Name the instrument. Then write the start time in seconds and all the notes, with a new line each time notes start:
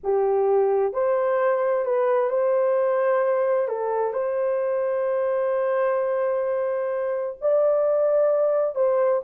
horn
0.03 G4
0.93 C5
1.85 B4
2.30 C5
3.68 A4
4.13 C5
7.41 D5
8.75 C5